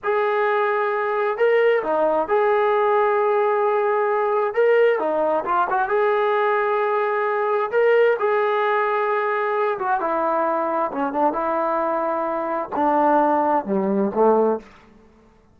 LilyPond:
\new Staff \with { instrumentName = "trombone" } { \time 4/4 \tempo 4 = 132 gis'2. ais'4 | dis'4 gis'2.~ | gis'2 ais'4 dis'4 | f'8 fis'8 gis'2.~ |
gis'4 ais'4 gis'2~ | gis'4. fis'8 e'2 | cis'8 d'8 e'2. | d'2 g4 a4 | }